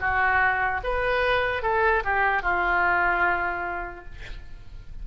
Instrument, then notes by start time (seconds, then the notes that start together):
oboe
0.00 F#4
0.84 B4
1.63 A4
2.05 G4
2.43 F4